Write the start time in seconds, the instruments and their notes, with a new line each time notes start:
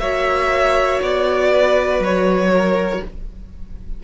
0.00 cello A#3, viola F#4, violin C#5 E5
1.02 cello B3, violin D5
1.51 violin B4
2.00 cello F#3, violin C#5
2.54 violin A#4